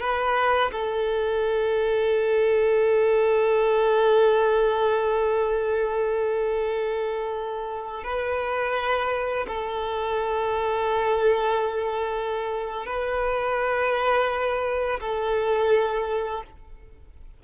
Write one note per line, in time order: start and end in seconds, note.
0.00 0.71 B4
0.72 8.04 A4
8.04 9.46 B4
9.47 12.86 A4
12.86 15.00 B4
15.01 16.44 A4